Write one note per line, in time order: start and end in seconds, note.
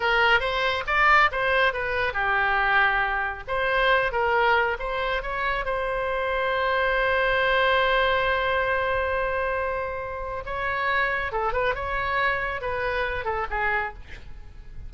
0.00 0.40 A#4
0.40 0.83 C5
0.86 1.30 D5
1.31 1.73 C5
1.73 2.13 B4
2.13 3.43 G4
3.47 4.12 C5
4.12 4.77 A#4
4.79 5.22 C5
5.22 5.65 C#5
5.65 10.43 C5
10.45 11.32 C#5
11.32 11.53 A4
11.53 11.74 B4
11.74 12.61 C#5
12.61 13.24 B4
13.24 13.46 A4
13.50 13.93 G#4